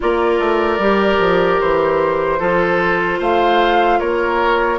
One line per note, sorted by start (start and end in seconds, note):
0.00 0.39 A#3
0.00 0.80 F4
0.00 2.39 A#4
0.00 1.60 D5
0.39 0.78 A3
0.78 1.18 G3
0.78 2.39 G4
1.19 1.59 F3
1.60 2.40 E3
1.60 3.20 C5
2.39 3.20 F3
2.39 4.79 F4
2.39 3.18 A4
3.18 4.00 A3
3.18 3.98 C5
3.18 3.99 F5
3.99 4.79 A#3
3.99 4.79 A#4
3.99 4.79 C#5